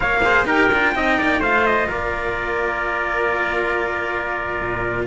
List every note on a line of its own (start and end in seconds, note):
0.00 0.44 A#3
0.00 0.20 A#4
0.00 0.22 C#5
0.00 0.46 F5
0.23 0.46 G#4
0.23 0.46 C5
0.44 0.68 D#4
0.44 0.70 G4
0.44 0.94 A#4
0.44 1.42 G5
0.71 0.95 D4
0.71 0.95 F4
0.95 1.18 C4
0.95 1.42 D#4
0.95 1.18 D#5
1.18 1.39 A#3
1.18 1.40 D5
1.39 1.86 A3
1.39 5.06 F4
1.39 1.87 C5
1.39 1.66 F5
1.66 1.90 D#5
1.88 4.60 A#3
1.88 5.06 A#4
1.88 5.06 D5
4.60 5.06 A#2